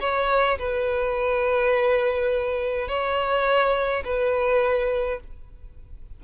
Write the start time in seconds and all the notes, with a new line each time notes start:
0.00 C#5
0.58 B4
2.88 C#5
4.04 B4